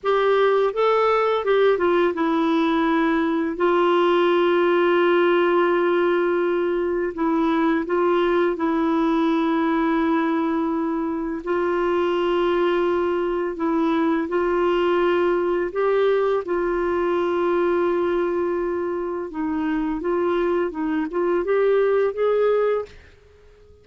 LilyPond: \new Staff \with { instrumentName = "clarinet" } { \time 4/4 \tempo 4 = 84 g'4 a'4 g'8 f'8 e'4~ | e'4 f'2.~ | f'2 e'4 f'4 | e'1 |
f'2. e'4 | f'2 g'4 f'4~ | f'2. dis'4 | f'4 dis'8 f'8 g'4 gis'4 | }